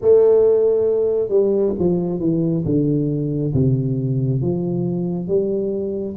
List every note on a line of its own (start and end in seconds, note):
0.01 1.28 A3
1.28 1.72 G3
1.78 2.19 F3
2.19 2.64 E3
2.65 3.53 D3
3.53 4.41 C3
4.41 5.27 F3
5.27 6.16 G3